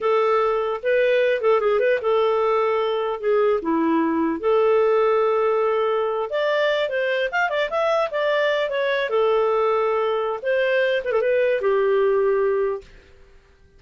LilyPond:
\new Staff \with { instrumentName = "clarinet" } { \time 4/4 \tempo 4 = 150 a'2 b'4. a'8 | gis'8 b'8 a'2. | gis'4 e'2 a'4~ | a'2.~ a'8. d''16~ |
d''4~ d''16 c''4 f''8 d''8 e''8.~ | e''16 d''4. cis''4 a'4~ a'16~ | a'2 c''4. b'16 a'16 | b'4 g'2. | }